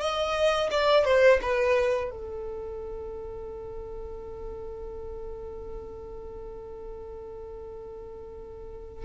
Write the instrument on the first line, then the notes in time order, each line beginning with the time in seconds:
violin
0.00 D#5
0.71 D5
1.05 C5
1.42 B4
2.11 A4